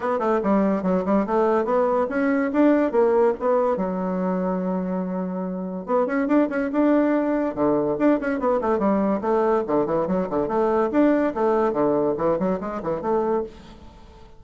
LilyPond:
\new Staff \with { instrumentName = "bassoon" } { \time 4/4 \tempo 4 = 143 b8 a8 g4 fis8 g8 a4 | b4 cis'4 d'4 ais4 | b4 fis2.~ | fis2 b8 cis'8 d'8 cis'8 |
d'2 d4 d'8 cis'8 | b8 a8 g4 a4 d8 e8 | fis8 d8 a4 d'4 a4 | d4 e8 fis8 gis8 e8 a4 | }